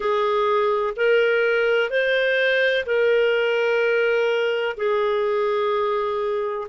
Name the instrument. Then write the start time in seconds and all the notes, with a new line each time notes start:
clarinet
0.00 G#4
0.96 A#4
1.90 C5
2.86 A#4
4.77 G#4